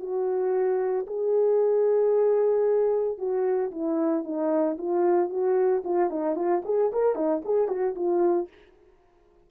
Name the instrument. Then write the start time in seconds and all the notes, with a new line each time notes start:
horn
0.00 F#4
1.07 G#4
3.18 F#4
3.71 E4
4.24 D#4
4.78 F4
5.30 F#4
5.85 F4
6.10 D#4
6.36 F4
6.65 G#4
6.92 A#4
7.16 D#4
7.45 G#4
7.68 F#4
7.95 F4